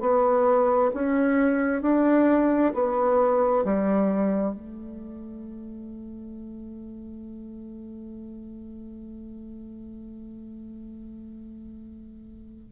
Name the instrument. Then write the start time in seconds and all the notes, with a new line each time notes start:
bassoon
0.00 B3
0.94 C#4
1.82 D4
2.74 B3
3.64 G3
4.55 A3